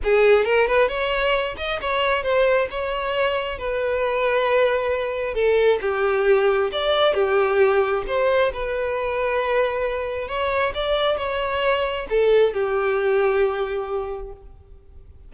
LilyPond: \new Staff \with { instrumentName = "violin" } { \time 4/4 \tempo 4 = 134 gis'4 ais'8 b'8 cis''4. dis''8 | cis''4 c''4 cis''2 | b'1 | a'4 g'2 d''4 |
g'2 c''4 b'4~ | b'2. cis''4 | d''4 cis''2 a'4 | g'1 | }